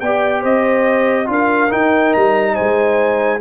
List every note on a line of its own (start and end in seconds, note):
0.00 0.44 B3
0.00 1.26 G4
0.00 0.42 D5
0.00 0.43 G5
0.42 1.29 C4
0.42 1.27 C5
0.42 1.30 D#5
1.26 1.71 D4
1.26 1.68 F4
1.26 2.54 A#4
1.32 1.72 F5
1.69 3.39 D#4
1.69 2.15 D#4
1.69 2.13 G5
2.13 2.58 G3
2.13 2.55 A#5
2.54 3.39 C5
2.54 3.40 G#5
2.60 3.41 G#3